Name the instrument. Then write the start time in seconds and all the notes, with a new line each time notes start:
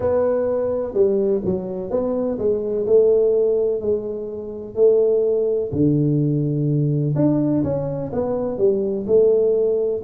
tuba
0.00 B3
0.93 G3
1.44 F#3
1.90 B3
2.38 G#3
2.86 A3
3.81 G#3
4.75 A3
5.71 D3
7.15 D4
7.63 C#4
8.12 B3
8.58 G3
9.06 A3